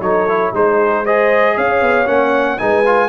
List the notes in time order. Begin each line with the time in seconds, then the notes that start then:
0.00 F#3 D#4 A4 C#5
0.28 E4
0.53 G#3 D#4 G#4 C5
1.03 G#4 C5 D#5
1.56 C#4 C#5 F5
1.82 B3
2.06 A#3 C#4 F#5
2.58 G#3 D#4 B4 G#5
2.85 F4